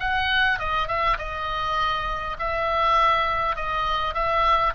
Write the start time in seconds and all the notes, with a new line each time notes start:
0.00 F#5
0.59 D#5
0.88 E5
1.19 D#5
2.39 E5
3.56 D#5
4.14 E5